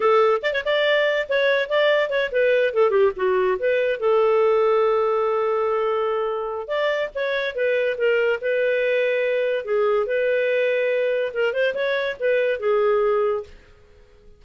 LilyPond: \new Staff \with { instrumentName = "clarinet" } { \time 4/4 \tempo 4 = 143 a'4 d''16 cis''16 d''4. cis''4 | d''4 cis''8 b'4 a'8 g'8 fis'8~ | fis'8 b'4 a'2~ a'8~ | a'1 |
d''4 cis''4 b'4 ais'4 | b'2. gis'4 | b'2. ais'8 c''8 | cis''4 b'4 gis'2 | }